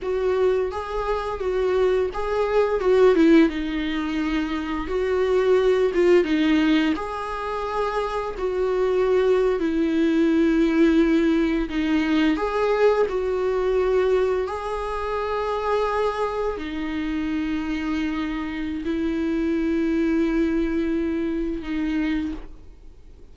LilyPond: \new Staff \with { instrumentName = "viola" } { \time 4/4 \tempo 4 = 86 fis'4 gis'4 fis'4 gis'4 | fis'8 e'8 dis'2 fis'4~ | fis'8 f'8 dis'4 gis'2 | fis'4.~ fis'16 e'2~ e'16~ |
e'8. dis'4 gis'4 fis'4~ fis'16~ | fis'8. gis'2. dis'16~ | dis'2. e'4~ | e'2. dis'4 | }